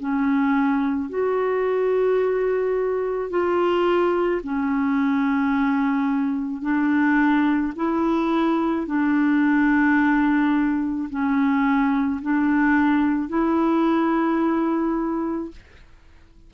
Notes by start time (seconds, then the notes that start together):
0.00 C#4
1.10 F#4
3.30 F4
4.43 C#4
6.62 D4
7.76 E4
8.87 D4
11.10 C#4
12.22 D4
13.29 E4